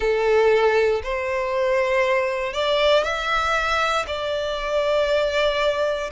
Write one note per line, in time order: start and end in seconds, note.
0.00 1.02 A4
1.03 2.53 C5
2.53 3.03 D5
3.03 4.05 E5
4.07 6.10 D5